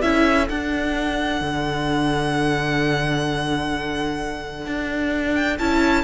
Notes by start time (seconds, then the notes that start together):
0.00 C#4 E4 A4 E5
0.48 D4 F#5
1.41 D3
4.66 D4
5.34 G5
5.58 C#4 E4 A5